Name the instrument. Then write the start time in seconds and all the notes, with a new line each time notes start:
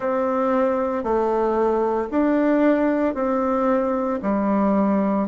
bassoon
0.00 C4
1.03 A3
2.11 D4
3.14 C4
4.22 G3